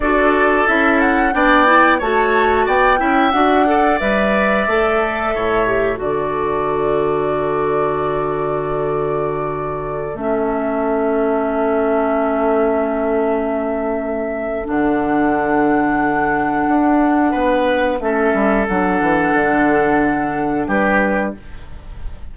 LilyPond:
<<
  \new Staff \with { instrumentName = "flute" } { \time 4/4 \tempo 4 = 90 d''4 e''8 fis''8 g''4 a''4 | g''4 fis''4 e''2~ | e''4 d''2.~ | d''2.~ d''16 e''8.~ |
e''1~ | e''2 fis''2~ | fis''2. e''4 | fis''2. b'4 | }
  \new Staff \with { instrumentName = "oboe" } { \time 4/4 a'2 d''4 cis''4 | d''8 e''4 d''2~ d''8 | cis''4 a'2.~ | a'1~ |
a'1~ | a'1~ | a'2 b'4 a'4~ | a'2. g'4 | }
  \new Staff \with { instrumentName = "clarinet" } { \time 4/4 fis'4 e'4 d'8 e'8 fis'4~ | fis'8 e'8 fis'8 a'8 b'4 a'4~ | a'8 g'8 fis'2.~ | fis'2.~ fis'16 cis'8.~ |
cis'1~ | cis'2 d'2~ | d'2. cis'4 | d'1 | }
  \new Staff \with { instrumentName = "bassoon" } { \time 4/4 d'4 cis'4 b4 a4 | b8 cis'8 d'4 g4 a4 | a,4 d2.~ | d2.~ d16 a8.~ |
a1~ | a2 d2~ | d4 d'4 b4 a8 g8 | fis8 e8 d2 g4 | }
>>